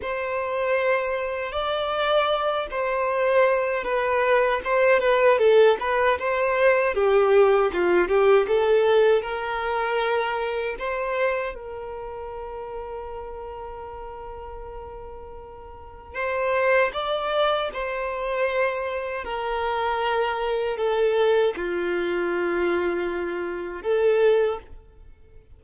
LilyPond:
\new Staff \with { instrumentName = "violin" } { \time 4/4 \tempo 4 = 78 c''2 d''4. c''8~ | c''4 b'4 c''8 b'8 a'8 b'8 | c''4 g'4 f'8 g'8 a'4 | ais'2 c''4 ais'4~ |
ais'1~ | ais'4 c''4 d''4 c''4~ | c''4 ais'2 a'4 | f'2. a'4 | }